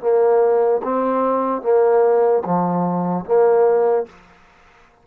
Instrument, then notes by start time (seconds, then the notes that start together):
trombone
0.00 A#3
0.83 C4
1.62 A#3
2.45 F3
3.25 A#3